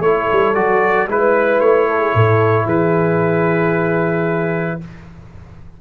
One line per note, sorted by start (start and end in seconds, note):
0.00 0.27 A3
0.00 0.55 E4
0.00 1.09 A4
0.00 0.54 C#5
0.32 0.55 G3
0.54 1.08 F#3
0.54 1.08 F#4
0.54 1.08 D5
1.08 1.60 G#3
1.08 4.81 E4
1.08 1.88 B4
1.08 1.60 B4
1.60 2.13 A3
1.60 2.66 C#5
1.88 1.99 A4
1.99 2.13 G#4
2.14 2.66 A2
2.14 2.65 A4
2.65 4.78 E3
2.65 4.77 G#4
2.65 4.80 B4